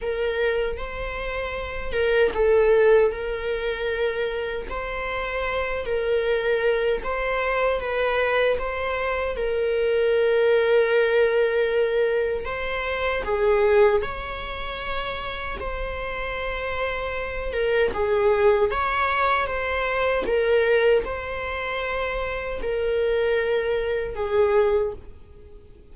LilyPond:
\new Staff \with { instrumentName = "viola" } { \time 4/4 \tempo 4 = 77 ais'4 c''4. ais'8 a'4 | ais'2 c''4. ais'8~ | ais'4 c''4 b'4 c''4 | ais'1 |
c''4 gis'4 cis''2 | c''2~ c''8 ais'8 gis'4 | cis''4 c''4 ais'4 c''4~ | c''4 ais'2 gis'4 | }